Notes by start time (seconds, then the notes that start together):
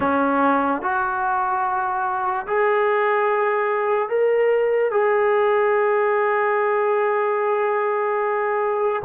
0.00 C#4
0.82 F#4
2.47 G#4
4.09 A#4
4.91 G#4